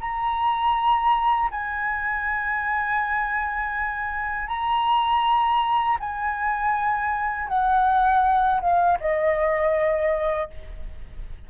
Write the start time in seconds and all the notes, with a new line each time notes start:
0.00 A#5
1.51 G#5
4.48 A#5
6.00 G#5
7.48 F#5
8.61 F5
9.00 D#5